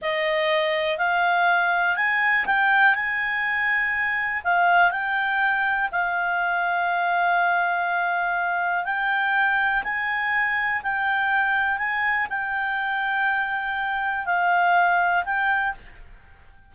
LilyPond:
\new Staff \with { instrumentName = "clarinet" } { \time 4/4 \tempo 4 = 122 dis''2 f''2 | gis''4 g''4 gis''2~ | gis''4 f''4 g''2 | f''1~ |
f''2 g''2 | gis''2 g''2 | gis''4 g''2.~ | g''4 f''2 g''4 | }